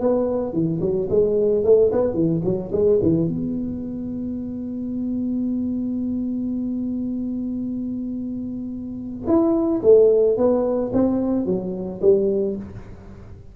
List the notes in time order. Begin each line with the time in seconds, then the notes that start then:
0.00 B3
0.53 E3
0.81 F#3
1.10 G#3
1.64 A3
1.92 B3
2.14 E3
2.44 F#3
2.72 G#3
3.02 E3
3.28 B3
9.27 E4
9.82 A3
10.37 B3
10.93 C4
11.45 F#3
12.01 G3